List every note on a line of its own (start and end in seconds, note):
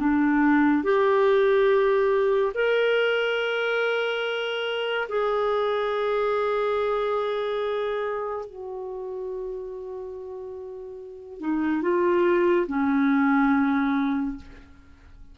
0.00 0.84 D4
0.84 2.53 G4
2.55 5.09 A#4
5.09 8.46 G#4
8.46 11.40 F#4
11.40 11.82 D#4
11.82 12.67 F4
12.68 14.37 C#4